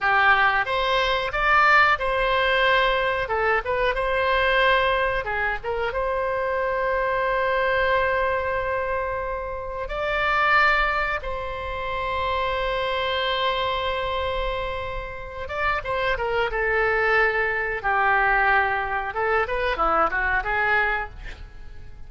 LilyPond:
\new Staff \with { instrumentName = "oboe" } { \time 4/4 \tempo 4 = 91 g'4 c''4 d''4 c''4~ | c''4 a'8 b'8 c''2 | gis'8 ais'8 c''2.~ | c''2. d''4~ |
d''4 c''2.~ | c''2.~ c''8 d''8 | c''8 ais'8 a'2 g'4~ | g'4 a'8 b'8 e'8 fis'8 gis'4 | }